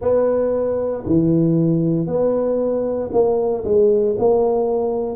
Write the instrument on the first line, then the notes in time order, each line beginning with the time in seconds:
tuba
0.00 B3
1.06 E3
2.06 B3
3.12 A#3
3.64 G#3
4.18 A#3